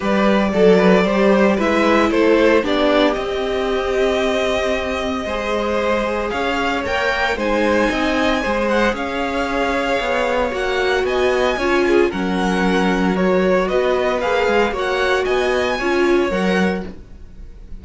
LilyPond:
<<
  \new Staff \with { instrumentName = "violin" } { \time 4/4 \tempo 4 = 114 d''2. e''4 | c''4 d''4 dis''2~ | dis''1 | f''4 g''4 gis''2~ |
gis''8 fis''8 f''2. | fis''4 gis''2 fis''4~ | fis''4 cis''4 dis''4 f''4 | fis''4 gis''2 fis''4 | }
  \new Staff \with { instrumentName = "violin" } { \time 4/4 b'4 a'8 b'8 c''4 b'4 | a'4 g'2.~ | g'2 c''2 | cis''2 c''4 dis''4 |
c''4 cis''2.~ | cis''4 dis''4 cis''8 gis'8 ais'4~ | ais'2 b'2 | cis''4 dis''4 cis''2 | }
  \new Staff \with { instrumentName = "viola" } { \time 4/4 g'4 a'4 g'4 e'4~ | e'4 d'4 c'2~ | c'2 gis'2~ | gis'4 ais'4 dis'2 |
gis'1 | fis'2 f'4 cis'4~ | cis'4 fis'2 gis'4 | fis'2 f'4 ais'4 | }
  \new Staff \with { instrumentName = "cello" } { \time 4/4 g4 fis4 g4 gis4 | a4 b4 c'2~ | c'2 gis2 | cis'4 ais4 gis4 c'4 |
gis4 cis'2 b4 | ais4 b4 cis'4 fis4~ | fis2 b4 ais8 gis8 | ais4 b4 cis'4 fis4 | }
>>